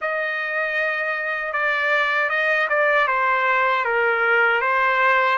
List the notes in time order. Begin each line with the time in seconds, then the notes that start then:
0.01 D#5
1.52 D5
2.29 D#5
2.69 D5
3.07 C5
3.84 A#4
4.61 C5